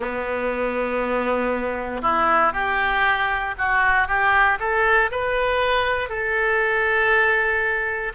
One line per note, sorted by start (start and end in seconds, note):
0.00 2.02 B3
2.02 2.52 E4
2.52 3.54 G4
3.57 4.07 F#4
4.07 4.58 G4
4.59 5.10 A4
5.11 6.09 B4
6.09 8.12 A4